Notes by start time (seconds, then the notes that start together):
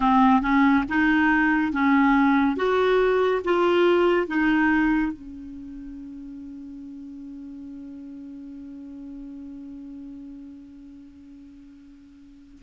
0.00 C4
0.41 C#4
0.88 D#4
1.72 C#4
2.56 F#4
3.44 F4
4.27 D#4
5.12 C#4